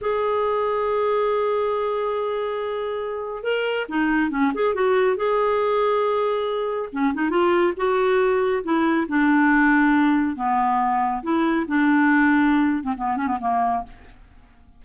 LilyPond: \new Staff \with { instrumentName = "clarinet" } { \time 4/4 \tempo 4 = 139 gis'1~ | gis'1 | ais'4 dis'4 cis'8 gis'8 fis'4 | gis'1 |
cis'8 dis'8 f'4 fis'2 | e'4 d'2. | b2 e'4 d'4~ | d'4.~ d'16 c'16 b8 cis'16 b16 ais4 | }